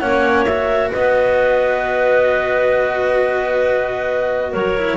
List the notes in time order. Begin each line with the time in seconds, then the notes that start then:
0.00 A#3 C#4 C#5 F#5
0.45 F#4 E5
0.91 B3 B4 D#5
4.51 F#3 A#4 C#5
4.78 E4